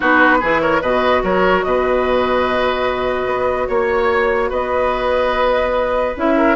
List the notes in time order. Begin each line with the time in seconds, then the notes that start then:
0.00 B3 D#4 F#4 B4
0.40 E3 E4 G#4
0.61 A#4 C#5
0.81 B2 F#4 B4 D#5
1.23 F#3 A#4 C#5
1.63 B2 B4 D#5
3.25 B3
3.67 A#3 C#5
4.49 B3 B4 D#5
6.16 C#4 E4 E5
6.37 A#4